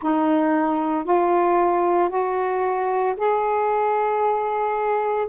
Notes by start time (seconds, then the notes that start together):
0.02 D#4
1.04 F4
2.09 F#4
3.16 G#4